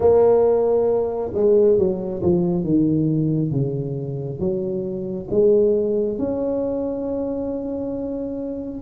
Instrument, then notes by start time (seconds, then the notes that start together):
tuba
0.00 A#3
1.34 G#3
1.78 F#3
2.22 F3
2.64 D#3
3.51 C#3
4.39 F#3
5.30 G#3
6.18 C#4